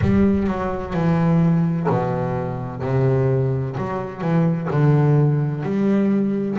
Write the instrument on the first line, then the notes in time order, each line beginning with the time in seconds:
double bass
0.01 G3
0.47 F#3
0.93 E3
1.89 B2
2.81 C3
3.77 F#3
4.21 E3
4.70 D3
5.63 G3